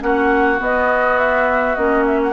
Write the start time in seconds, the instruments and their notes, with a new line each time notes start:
0.00 bassoon A#3, clarinet C#4, oboe F#4, flute F#5
0.59 clarinet B3, bassoon B3, flute D#5
1.19 flute E5
1.75 bassoon A#3, clarinet C#4, flute D#5
2.07 flute E5
2.23 flute F#5